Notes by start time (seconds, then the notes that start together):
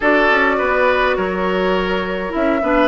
0.00 D4 F#4 A4 D5
0.30 C#4
0.58 B3 B4
1.16 F#3 A#4 C#5
2.29 C#4 E4 E5
2.61 B3 D4 B4